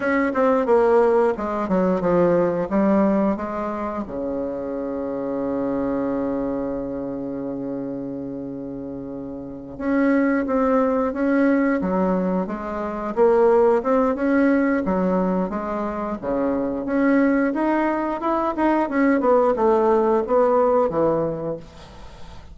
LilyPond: \new Staff \with { instrumentName = "bassoon" } { \time 4/4 \tempo 4 = 89 cis'8 c'8 ais4 gis8 fis8 f4 | g4 gis4 cis2~ | cis1~ | cis2~ cis8 cis'4 c'8~ |
c'8 cis'4 fis4 gis4 ais8~ | ais8 c'8 cis'4 fis4 gis4 | cis4 cis'4 dis'4 e'8 dis'8 | cis'8 b8 a4 b4 e4 | }